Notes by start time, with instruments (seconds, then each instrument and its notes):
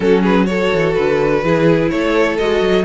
0.00 cello F#3, viola C#4, violin F#4 A4
0.21 violin G#4 B4
0.46 viola F#4, violin A4 C#5
0.73 cello E3
0.94 cello D3, violin B4
1.42 cello E3, viola E4, violin G#4
1.89 cello A3, violin A4 C#5
2.37 cello G#3, viola F#4, violin D#5
2.61 cello F#3